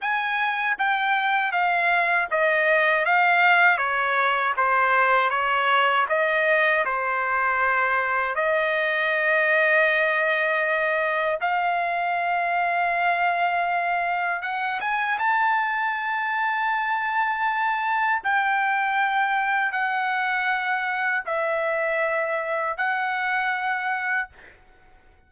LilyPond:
\new Staff \with { instrumentName = "trumpet" } { \time 4/4 \tempo 4 = 79 gis''4 g''4 f''4 dis''4 | f''4 cis''4 c''4 cis''4 | dis''4 c''2 dis''4~ | dis''2. f''4~ |
f''2. fis''8 gis''8 | a''1 | g''2 fis''2 | e''2 fis''2 | }